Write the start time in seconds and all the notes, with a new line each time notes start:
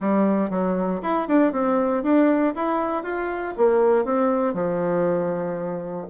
0.00 G3
0.49 F#3
1.02 E4
1.28 D4
1.52 C4
2.03 D4
2.55 E4
3.03 F4
3.57 A#3
4.04 C4
4.53 F3